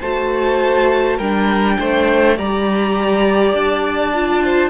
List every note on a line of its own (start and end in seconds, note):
0.00 1.19 A3
0.00 1.20 F#4
0.00 1.16 C5
0.00 1.18 A5
1.16 1.77 G3
1.16 2.36 D4
1.16 1.75 A#4
1.16 2.36 G5
1.79 2.38 A3
1.79 2.37 C5
2.36 3.53 G3
2.36 4.13 G4
2.36 4.43 D5
2.36 3.55 A#5
3.53 4.70 D4
3.53 4.70 A5
4.13 4.70 F4
4.43 4.70 C5